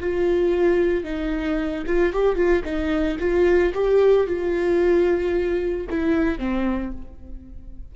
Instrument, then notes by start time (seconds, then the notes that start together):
viola
0.00 F4
1.04 D#4
1.87 F4
2.13 G4
2.36 F4
2.64 D#4
3.19 F4
3.74 G4
4.27 F4
5.90 E4
6.38 C4